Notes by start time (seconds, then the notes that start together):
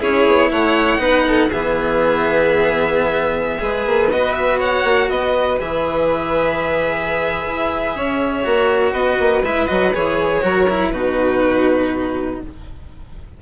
0.00 C#4 E4 G#4 C#5
0.27 B3
0.51 A3 C#5 F#5
0.99 B3 D#4 B4
1.28 A4
1.49 E3 B3 G#4 E5
3.59 G#3 G#4 B4
3.86 A#3
4.11 B3 F#4 D#5
4.35 E5
4.59 C#5 F#5
4.84 A#3
5.10 B3 B4 D#5
5.60 E3 G#4 E5
7.46 E4
7.96 C#4 C#5
8.44 A#3 F#4
8.93 B3 B4 D#5
9.20 A#3
9.43 G#3 E4 E5
9.68 F#3 F#4 D#5
9.93 E3 G#4 C#5
10.42 F#3 F#4 A#4
10.70 E4
10.91 B2 D#4 F#4 B4